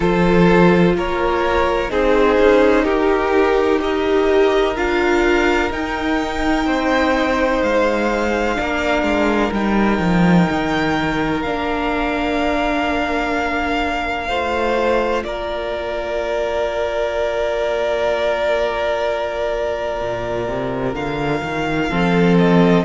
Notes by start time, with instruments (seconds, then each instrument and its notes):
0.00 cello F3, viola F4, violin A4 C5
0.94 cello A#3, violin A#4 C#5
1.88 cello C4, viola D#4, violin G#4 C5
2.39 cello C#4
2.84 cello D#4, violin G4 A#4
3.78 viola G4, violin A#4 D#5
4.76 cello D4, viola F4, violin F5
5.70 viola D#4, cello D#4, violin G5
6.65 cello C4, violin C5
7.62 cello G#3, violin F5
8.55 cello A#3, viola D4, violin A#4
9.03 cello G#3
9.51 cello G3, viola D#4, violin G5
9.98 cello F3
10.49 cello D#3
11.41 cello A#3, viola D4, violin F5
14.28 cello A3, viola F4, violin C5
15.23 cello A#3, violin A#4 D5
20.01 cello A#2
20.47 cello C3
20.93 cello D3, violin F5
21.42 cello D#3
21.89 cello F3, viola C4, violin A4
22.37 violin D#5